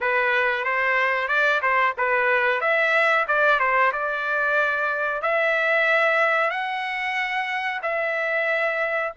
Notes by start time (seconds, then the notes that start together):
0.00 B4
0.64 C5
1.28 D5
1.61 C5
1.97 B4
2.61 E5
3.27 D5
3.59 C5
3.92 D5
5.22 E5
6.50 F#5
7.82 E5